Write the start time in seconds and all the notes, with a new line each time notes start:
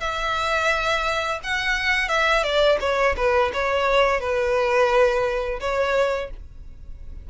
0.00 E5
1.43 F#5
2.09 E5
2.43 D5
2.80 C#5
3.16 B4
3.53 C#5
4.20 B4
5.60 C#5